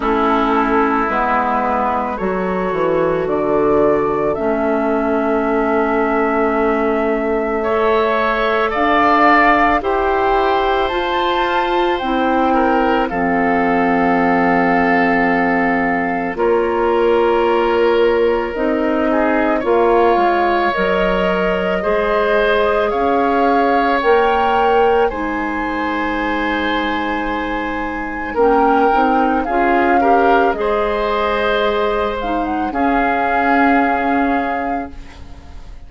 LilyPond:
<<
  \new Staff \with { instrumentName = "flute" } { \time 4/4 \tempo 4 = 55 a'4 b'4 cis''4 d''4 | e''1 | f''4 g''4 a''4 g''4 | f''2. cis''4~ |
cis''4 dis''4 f''4 dis''4~ | dis''4 f''4 g''4 gis''4~ | gis''2 g''4 f''4 | dis''4. f''16 fis''16 f''2 | }
  \new Staff \with { instrumentName = "oboe" } { \time 4/4 e'2 a'2~ | a'2. cis''4 | d''4 c''2~ c''8 ais'8 | a'2. ais'4~ |
ais'4. gis'8 cis''2 | c''4 cis''2 c''4~ | c''2 ais'4 gis'8 ais'8 | c''2 gis'2 | }
  \new Staff \with { instrumentName = "clarinet" } { \time 4/4 cis'4 b4 fis'2 | cis'2. a'4~ | a'4 g'4 f'4 e'4 | c'2. f'4~ |
f'4 dis'4 f'4 ais'4 | gis'2 ais'4 dis'4~ | dis'2 cis'8 dis'8 f'8 g'8 | gis'4. dis'8 cis'2 | }
  \new Staff \with { instrumentName = "bassoon" } { \time 4/4 a4 gis4 fis8 e8 d4 | a1 | d'4 e'4 f'4 c'4 | f2. ais4~ |
ais4 c'4 ais8 gis8 fis4 | gis4 cis'4 ais4 gis4~ | gis2 ais8 c'8 cis'4 | gis2 cis'2 | }
>>